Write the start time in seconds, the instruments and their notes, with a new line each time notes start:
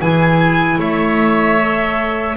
0.00 double bass E3, clarinet E4, oboe G#4, violin G#5
0.77 double bass A3, oboe C#5, violin E5
1.59 clarinet A4